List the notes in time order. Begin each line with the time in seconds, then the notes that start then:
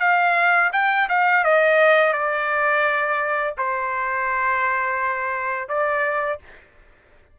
0.00 F5
0.73 G5
1.09 F5
1.44 D#5
2.13 D5
3.58 C5
5.69 D5